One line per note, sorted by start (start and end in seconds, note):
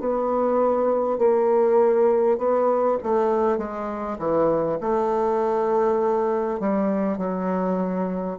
0.00 1.18 B3
1.18 2.38 A#3
2.38 2.98 B3
3.03 3.58 A3
3.58 4.18 G#3
4.19 4.79 E3
4.81 6.59 A3
6.59 7.18 G3
7.18 8.38 F#3